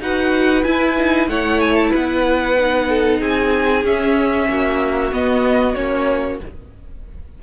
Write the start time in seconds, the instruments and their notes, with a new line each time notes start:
0.00 cello D#4, viola F#4, violin B4 F#5
0.63 viola E4, cello E4, violin G#5
0.97 viola D#4
1.28 cello A3, viola E4, violin C#5 F#5
1.61 violin G#5
1.75 violin A5
1.90 cello B3, violin B4 F#5
2.58 viola D#4
2.89 violin A4
3.20 cello C4, violin G#4 G#5
3.84 cello C#4, viola C#4, violin E5
4.48 cello A#3, violin F#4
5.12 cello B3, viola B3, violin D#5
5.74 cello A#3, viola C#4, violin C#5